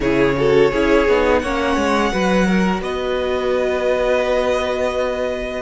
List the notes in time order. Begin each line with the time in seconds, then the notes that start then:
0.00 C#3 E4 G#4 C#5
0.36 F#4 A4
0.71 C#4 E4 G#4
1.08 B3 D#4
1.39 A#3 C#4 C#5 F#5
1.76 G#3
2.12 F#3 F#4 B4
2.46 A#4
2.80 B3 B4 D#5